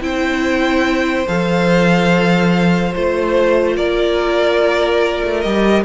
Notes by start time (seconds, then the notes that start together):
0.00 C4 E4 C5 G5
1.27 F3 A4 F5
2.95 A3 F4 C5
3.76 A#3 A#4 D5
5.24 A3
5.41 G3 G4 D#5